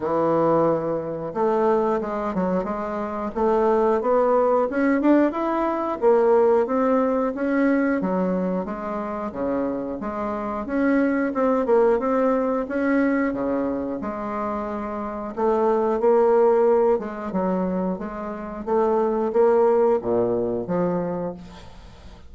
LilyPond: \new Staff \with { instrumentName = "bassoon" } { \time 4/4 \tempo 4 = 90 e2 a4 gis8 fis8 | gis4 a4 b4 cis'8 d'8 | e'4 ais4 c'4 cis'4 | fis4 gis4 cis4 gis4 |
cis'4 c'8 ais8 c'4 cis'4 | cis4 gis2 a4 | ais4. gis8 fis4 gis4 | a4 ais4 ais,4 f4 | }